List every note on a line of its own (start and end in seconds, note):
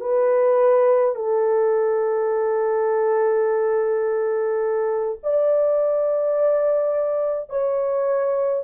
0.00 1.15 B4
1.15 5.19 A4
5.23 7.49 D5
7.49 8.63 C#5